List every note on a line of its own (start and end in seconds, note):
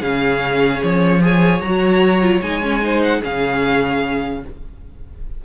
0.00 0.82 C#3
0.00 1.21 C#4
0.00 1.20 G#4
0.00 0.82 F5
0.83 1.61 F3
0.83 1.23 C#5
1.21 1.61 G#4
1.21 2.84 C#5
1.21 1.61 G#5
1.61 2.41 F#3
1.61 2.22 F#4
1.61 2.41 A#5
2.22 2.42 F4
2.42 3.22 G#3
2.42 2.62 D#4
2.42 3.02 G#5
2.62 2.82 C#4
2.82 3.22 D#4
2.82 3.21 C5
3.03 3.23 F#5
3.21 4.44 C#3
3.21 4.42 C#4
3.21 4.41 G#4
3.21 4.45 F5